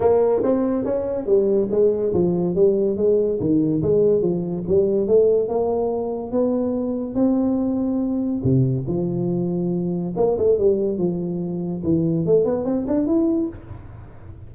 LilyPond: \new Staff \with { instrumentName = "tuba" } { \time 4/4 \tempo 4 = 142 ais4 c'4 cis'4 g4 | gis4 f4 g4 gis4 | dis4 gis4 f4 g4 | a4 ais2 b4~ |
b4 c'2. | c4 f2. | ais8 a8 g4 f2 | e4 a8 b8 c'8 d'8 e'4 | }